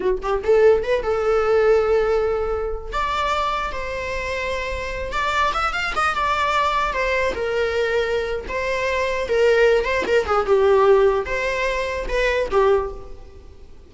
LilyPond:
\new Staff \with { instrumentName = "viola" } { \time 4/4 \tempo 4 = 149 fis'8 g'8 a'4 b'8 a'4.~ | a'2.~ a'16 d''8.~ | d''4~ d''16 c''2~ c''8.~ | c''8. d''4 e''8 f''8 dis''8 d''8.~ |
d''4~ d''16 c''4 ais'4.~ ais'16~ | ais'4 c''2 ais'4~ | ais'8 c''8 ais'8 gis'8 g'2 | c''2 b'4 g'4 | }